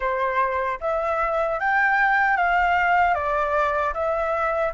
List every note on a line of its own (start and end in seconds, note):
0.00 0.79 C5
0.80 1.59 E5
1.59 2.36 G5
2.36 3.14 F5
3.14 3.93 D5
3.93 4.72 E5